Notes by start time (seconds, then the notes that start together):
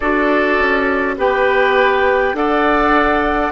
0.00 D4 F#4 A4 D5
0.58 C#4
1.17 B3 G4 B4 G5
2.33 D4 A4 D5 F#5